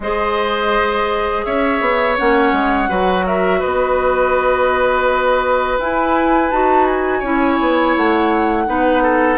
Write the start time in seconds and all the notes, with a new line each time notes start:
0.00 G#3 G#4 C5 D#5
1.44 C#4 C#5 E5
1.81 B3
2.18 A#3 C#4 F#5
2.52 G#3
2.89 F#3 F#4 B4
3.26 A#4 E5
3.59 B3 B4 D#5
5.78 E4 G#5
6.50 D#4 F#4 A5
6.87 G#5
7.19 C#4 E4 C#5
7.60 B3
7.96 A3 F#5
8.66 B3 D#4 B4
9.02 A4